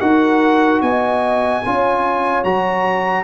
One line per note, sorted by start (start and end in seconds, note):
0.00 0.82 D#4
0.00 1.62 F#4
0.00 0.82 A#4
0.00 0.81 F#5
0.82 1.63 B3
0.82 1.65 D#5
0.82 2.44 G#5
1.65 2.44 C#4
1.65 2.45 F4
1.65 3.24 C#5
2.44 3.24 F#3
2.44 3.24 F#4
2.44 3.24 A#5